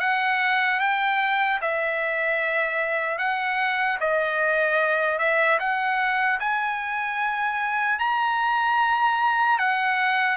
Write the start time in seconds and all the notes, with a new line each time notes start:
0.00 F#5
0.80 G5
1.61 E5
3.19 F#5
4.01 D#5
5.19 E5
5.60 F#5
6.40 G#5
7.99 A#5
9.59 F#5